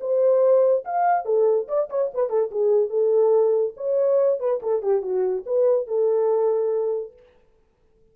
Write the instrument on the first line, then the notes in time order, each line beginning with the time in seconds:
horn
0.00 C5
0.84 F5
1.25 A4
1.68 D5
1.90 C#5
2.14 B4
2.29 A4
2.51 G#4
2.90 A4
3.76 C#5
4.39 B4
4.62 A4
4.82 G4
5.02 F#4
5.46 B4
5.87 A4